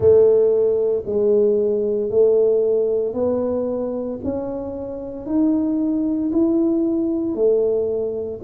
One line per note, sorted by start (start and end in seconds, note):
0.00 1.03 A3
1.06 2.10 G#3
2.10 3.13 A3
3.13 4.18 B3
4.23 5.25 C#4
5.25 6.31 D#4
6.32 7.34 E4
7.34 8.39 A3